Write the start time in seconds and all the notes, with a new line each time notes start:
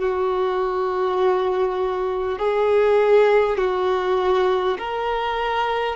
0.00 F#4
2.39 G#4
3.58 F#4
4.79 A#4